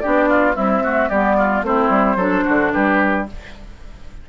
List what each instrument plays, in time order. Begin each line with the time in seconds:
0.00 clarinet D4, oboe G4, flute D5
0.06 bassoon B3
0.29 oboe F4
0.54 clarinet G3, bassoon C4, oboe E4, flute E5
0.83 clarinet A3, oboe F#4
1.09 bassoon G3, clarinet B3, oboe G4, flute D5
1.38 oboe F4
1.63 bassoon A3, clarinet C4, oboe E4, flute C5
1.90 bassoon G3
2.16 bassoon F#3, clarinet D4, oboe A4
2.45 bassoon D3, oboe F#4
2.72 bassoon G3, oboe G4, flute B4